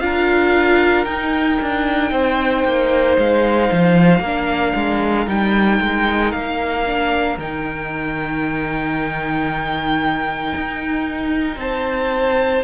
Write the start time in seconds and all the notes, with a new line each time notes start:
0.00 D4 F4 A#4 F5
1.05 D#4 G5
1.62 D4
2.12 C4 C5
2.65 A#3
3.18 G#3 F5
3.72 F3
4.20 A#3 D4 A#4
4.76 G#3
5.27 G3 D#4 G5
5.81 G#3
6.32 A#3 F5
6.86 D4
7.38 D#3 D#4 G5
10.56 D#4
11.57 C4 C5 A5